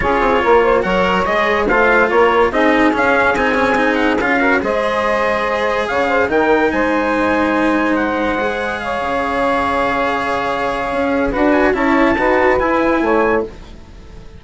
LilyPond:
<<
  \new Staff \with { instrumentName = "trumpet" } { \time 4/4 \tempo 4 = 143 cis''2 fis''4 dis''4 | f''4 cis''4 dis''4 f''4 | gis''4. fis''8 f''4 dis''4~ | dis''2 f''4 g''4 |
gis''2. fis''4~ | fis''4 f''2.~ | f''2. fis''8 gis''8 | a''2 gis''2 | }
  \new Staff \with { instrumentName = "saxophone" } { \time 4/4 gis'4 ais'8 c''8 cis''2 | c''4 ais'4 gis'2~ | gis'2~ gis'8 ais'8 c''4~ | c''2 cis''8 c''8 ais'4 |
c''1~ | c''4 cis''2.~ | cis''2. b'4 | cis''4 b'2 cis''4 | }
  \new Staff \with { instrumentName = "cello" } { \time 4/4 f'2 ais'4 gis'4 | f'2 dis'4 cis'4 | dis'8 cis'8 dis'4 f'8 fis'8 gis'4~ | gis'2. dis'4~ |
dis'1 | gis'1~ | gis'2. fis'4 | e'4 fis'4 e'2 | }
  \new Staff \with { instrumentName = "bassoon" } { \time 4/4 cis'8 c'8 ais4 fis4 gis4 | a4 ais4 c'4 cis'4 | c'2 cis'4 gis4~ | gis2 cis4 dis4 |
gis1~ | gis4. cis2~ cis8~ | cis2 cis'4 d'4 | cis'4 dis'4 e'4 a4 | }
>>